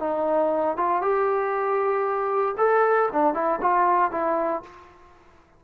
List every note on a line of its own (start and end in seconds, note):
0.00 0.77 D#4
0.77 1.02 F4
1.02 2.55 G4
2.58 3.09 A4
3.13 3.34 D4
3.34 3.60 E4
3.62 4.11 F4
4.11 4.63 E4